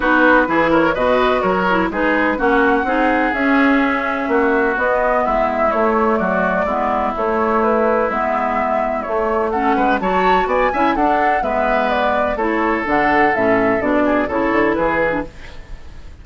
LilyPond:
<<
  \new Staff \with { instrumentName = "flute" } { \time 4/4 \tempo 4 = 126 b'4. cis''8 dis''4 cis''4 | b'4 fis''2 e''4~ | e''2 dis''4 e''4 | cis''4 d''2 cis''4 |
b'4 e''2 cis''4 | fis''4 a''4 gis''4 fis''4 | e''4 d''4 cis''4 fis''4 | e''4 d''4 cis''4 b'4 | }
  \new Staff \with { instrumentName = "oboe" } { \time 4/4 fis'4 gis'8 ais'8 b'4 ais'4 | gis'4 fis'4 gis'2~ | gis'4 fis'2 e'4~ | e'4 fis'4 e'2~ |
e'1 | a'8 b'8 cis''4 d''8 e''8 a'4 | b'2 a'2~ | a'4. gis'8 a'4 gis'4 | }
  \new Staff \with { instrumentName = "clarinet" } { \time 4/4 dis'4 e'4 fis'4. e'8 | dis'4 cis'4 dis'4 cis'4~ | cis'2 b2 | a2 b4 a4~ |
a4 b2 a4 | cis'4 fis'4. e'8 d'4 | b2 e'4 d'4 | cis'4 d'4 e'4.~ e'16 d'16 | }
  \new Staff \with { instrumentName = "bassoon" } { \time 4/4 b4 e4 b,4 fis4 | gis4 ais4 c'4 cis'4~ | cis'4 ais4 b4 gis4 | a4 fis4 gis4 a4~ |
a4 gis2 a4~ | a8 gis8 fis4 b8 cis'8 d'4 | gis2 a4 d4 | a,4 b,4 cis8 d8 e4 | }
>>